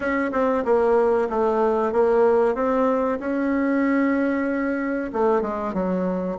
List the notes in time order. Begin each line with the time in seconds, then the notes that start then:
0.00 C#4
0.32 C4
0.64 A#3
1.29 A3
1.92 A#3
2.54 C4
3.19 C#4
5.12 A3
5.41 G#3
5.73 F#3